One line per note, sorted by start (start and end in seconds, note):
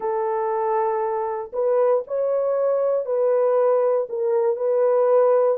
0.00 1.51 A4
1.52 2.03 B4
2.07 3.05 C#5
3.05 4.07 B4
4.09 4.56 A#4
4.56 5.57 B4